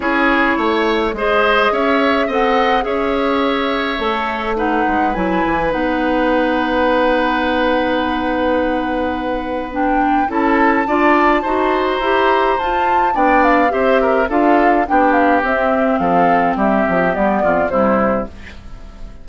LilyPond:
<<
  \new Staff \with { instrumentName = "flute" } { \time 4/4 \tempo 4 = 105 cis''2 dis''4 e''4 | fis''4 e''2. | fis''4 gis''4 fis''2~ | fis''1~ |
fis''4 g''4 a''2~ | a''8. ais''4~ ais''16 a''4 g''8 f''8 | e''4 f''4 g''8 f''8 e''4 | f''4 e''4 d''4 c''4 | }
  \new Staff \with { instrumentName = "oboe" } { \time 4/4 gis'4 cis''4 c''4 cis''4 | dis''4 cis''2. | b'1~ | b'1~ |
b'2 a'4 d''4 | c''2. d''4 | c''8 ais'8 a'4 g'2 | a'4 g'4. f'8 e'4 | }
  \new Staff \with { instrumentName = "clarinet" } { \time 4/4 e'2 gis'2 | a'4 gis'2 a'4 | dis'4 e'4 dis'2~ | dis'1~ |
dis'4 d'4 e'4 f'4 | fis'4 g'4 f'4 d'4 | g'4 f'4 d'4 c'4~ | c'2 b4 g4 | }
  \new Staff \with { instrumentName = "bassoon" } { \time 4/4 cis'4 a4 gis4 cis'4 | c'4 cis'2 a4~ | a8 gis8 fis8 e8 b2~ | b1~ |
b2 cis'4 d'4 | dis'4 e'4 f'4 b4 | c'4 d'4 b4 c'4 | f4 g8 f8 g8 f,8 c4 | }
>>